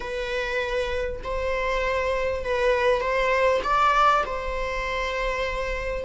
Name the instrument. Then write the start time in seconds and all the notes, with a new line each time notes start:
viola
0.00 B4
1.23 C5
2.44 B4
3.00 C5
3.63 D5
4.25 C5